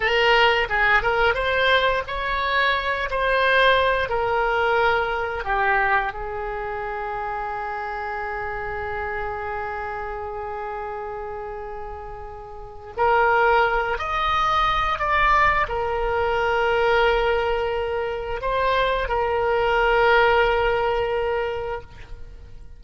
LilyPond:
\new Staff \with { instrumentName = "oboe" } { \time 4/4 \tempo 4 = 88 ais'4 gis'8 ais'8 c''4 cis''4~ | cis''8 c''4. ais'2 | g'4 gis'2.~ | gis'1~ |
gis'2. ais'4~ | ais'8 dis''4. d''4 ais'4~ | ais'2. c''4 | ais'1 | }